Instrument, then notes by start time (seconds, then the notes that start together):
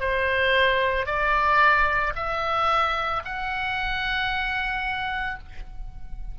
oboe
0.00 C5
1.06 D5
2.16 E5
3.25 F#5